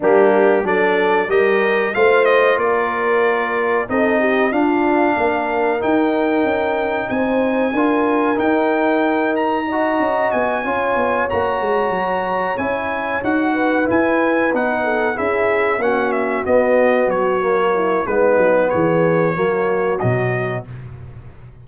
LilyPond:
<<
  \new Staff \with { instrumentName = "trumpet" } { \time 4/4 \tempo 4 = 93 g'4 d''4 dis''4 f''8 dis''8 | d''2 dis''4 f''4~ | f''4 g''2 gis''4~ | gis''4 g''4. ais''4. |
gis''4. ais''2 gis''8~ | gis''8 fis''4 gis''4 fis''4 e''8~ | e''8 fis''8 e''8 dis''4 cis''4. | b'4 cis''2 dis''4 | }
  \new Staff \with { instrumentName = "horn" } { \time 4/4 d'4 a'4 ais'4 c''4 | ais'2 a'8 g'8 f'4 | ais'2. c''4 | ais'2. dis''4~ |
dis''8 cis''2.~ cis''8~ | cis''4 b'2 a'8 gis'8~ | gis'8 fis'2. e'8 | dis'4 gis'4 fis'2 | }
  \new Staff \with { instrumentName = "trombone" } { \time 4/4 ais4 d'4 g'4 f'4~ | f'2 dis'4 d'4~ | d'4 dis'2. | f'4 dis'2 fis'4~ |
fis'8 f'4 fis'2 e'8~ | e'8 fis'4 e'4 dis'4 e'8~ | e'8 cis'4 b4. ais4 | b2 ais4 fis4 | }
  \new Staff \with { instrumentName = "tuba" } { \time 4/4 g4 fis4 g4 a4 | ais2 c'4 d'4 | ais4 dis'4 cis'4 c'4 | d'4 dis'2~ dis'8 cis'8 |
b8 cis'8 b8 ais8 gis8 fis4 cis'8~ | cis'8 dis'4 e'4 b4 cis'8~ | cis'8 ais4 b4 fis4. | gis8 fis8 e4 fis4 b,4 | }
>>